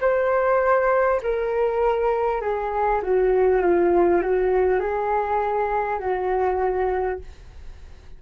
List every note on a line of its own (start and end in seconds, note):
0.00 1.20 C5
1.23 2.41 A#4
2.41 3.01 G#4
3.02 3.61 F#4
3.61 4.21 F4
4.21 4.79 F#4
4.79 5.99 G#4
5.99 7.19 F#4